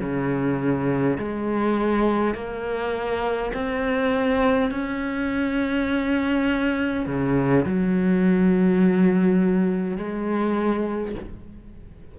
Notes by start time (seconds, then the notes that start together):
0.00 C#3
1.18 G#3
2.34 A#3
3.53 C4
4.71 C#4
7.06 C#3
7.66 F#3
9.97 G#3